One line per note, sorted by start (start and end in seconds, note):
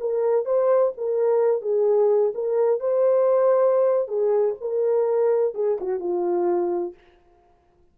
0.00 0.45 A#4
0.45 0.92 C5
0.97 1.61 A#4
1.61 2.32 G#4
2.35 2.80 A#4
2.80 4.08 C5
4.08 4.55 G#4
4.61 5.54 A#4
5.54 5.78 G#4
5.80 6.00 F#4
6.00 6.94 F4